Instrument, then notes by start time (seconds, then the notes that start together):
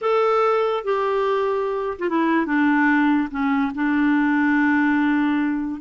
clarinet
0.01 A4
0.84 G4
1.98 F4
2.09 E4
2.46 D4
3.30 C#4
3.74 D4